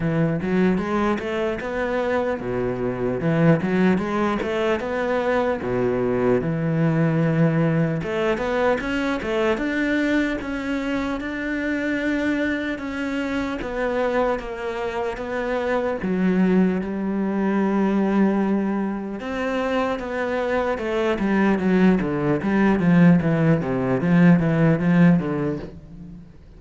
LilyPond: \new Staff \with { instrumentName = "cello" } { \time 4/4 \tempo 4 = 75 e8 fis8 gis8 a8 b4 b,4 | e8 fis8 gis8 a8 b4 b,4 | e2 a8 b8 cis'8 a8 | d'4 cis'4 d'2 |
cis'4 b4 ais4 b4 | fis4 g2. | c'4 b4 a8 g8 fis8 d8 | g8 f8 e8 c8 f8 e8 f8 d8 | }